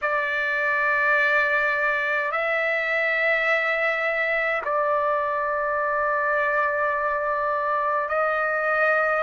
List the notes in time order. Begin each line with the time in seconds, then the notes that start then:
0.01 D5
2.31 E5
4.65 D5
8.08 D#5